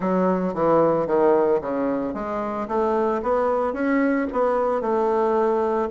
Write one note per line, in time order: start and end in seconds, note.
0.00 0.54 F#3
0.54 1.06 E3
1.06 1.60 D#3
1.61 2.14 C#3
2.14 2.67 G#3
2.68 3.21 A3
3.22 3.73 B3
3.73 4.26 C#4
4.32 4.81 B3
4.81 5.88 A3